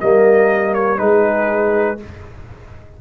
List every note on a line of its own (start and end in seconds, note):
0.00 1.00 G3
0.00 0.97 A#3
0.00 0.99 A#4
0.00 0.74 D#5
0.74 0.98 C#5
0.97 2.00 G#3
0.97 1.97 D#4
0.97 1.99 G#4
0.97 1.98 B4